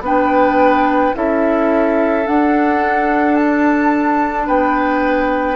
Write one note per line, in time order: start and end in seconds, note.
0.00 1.11 B3
0.00 1.13 D4
0.00 1.15 B4
0.00 1.16 G5
1.13 2.27 C#4
1.13 2.24 E4
1.13 4.46 A4
1.13 2.27 E5
2.24 5.55 D4
2.24 4.48 D4
2.24 3.36 F#5
3.36 4.47 A5
4.46 5.55 B3
4.46 5.55 B4
4.46 5.55 G5